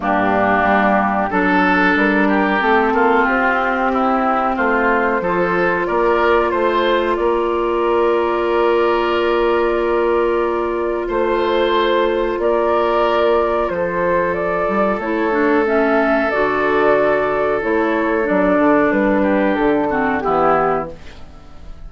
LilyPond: <<
  \new Staff \with { instrumentName = "flute" } { \time 4/4 \tempo 4 = 92 g'2 a'4 ais'4 | a'4 g'2 c''4~ | c''4 d''4 c''4 d''4~ | d''1~ |
d''4 c''2 d''4~ | d''4 c''4 d''4 cis''4 | e''4 d''2 cis''4 | d''4 b'4 a'4 g'4 | }
  \new Staff \with { instrumentName = "oboe" } { \time 4/4 d'2 a'4. g'8~ | g'8 f'4. e'4 f'4 | a'4 ais'4 c''4 ais'4~ | ais'1~ |
ais'4 c''2 ais'4~ | ais'4 a'2.~ | a'1~ | a'4. g'4 fis'8 e'4 | }
  \new Staff \with { instrumentName = "clarinet" } { \time 4/4 ais2 d'2 | c'1 | f'1~ | f'1~ |
f'1~ | f'2. e'8 d'8 | cis'4 fis'2 e'4 | d'2~ d'8 c'8 b4 | }
  \new Staff \with { instrumentName = "bassoon" } { \time 4/4 g,4 g4 fis4 g4 | a8 ais8 c'2 a4 | f4 ais4 a4 ais4~ | ais1~ |
ais4 a2 ais4~ | ais4 f4. g8 a4~ | a4 d2 a4 | fis8 d8 g4 d4 e4 | }
>>